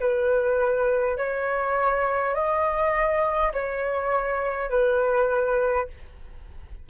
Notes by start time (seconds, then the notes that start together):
0.00 B4
1.18 C#5
2.35 D#5
3.53 C#5
4.70 B4